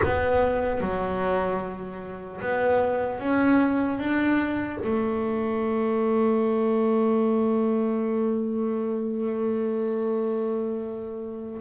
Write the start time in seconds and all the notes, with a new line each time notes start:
0.03 B3
0.80 F#3
2.40 B3
3.19 C#4
3.98 D4
4.83 A3